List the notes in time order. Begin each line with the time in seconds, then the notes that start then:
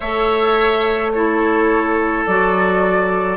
0.00 A3 A4 C#5 E5
1.11 E4 A4 C#5
2.25 F#3 F#4 D5